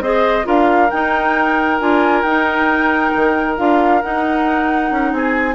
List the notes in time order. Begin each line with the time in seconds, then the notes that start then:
0.00 C4 G#4 C5 D#5
0.43 D4 F4 A#4 F5
0.90 D#4 G5
1.79 D4 F4 G#5
2.21 D#4 G5
3.15 D#3
3.56 D4 F4 F5
4.02 D#4 F#5
4.91 C#4
5.12 C4 G#4 G#5